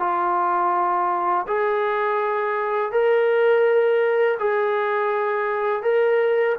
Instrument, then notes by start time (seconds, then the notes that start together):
trombone
0.00 F4
1.47 G#4
2.92 A#4
4.39 G#4
5.82 A#4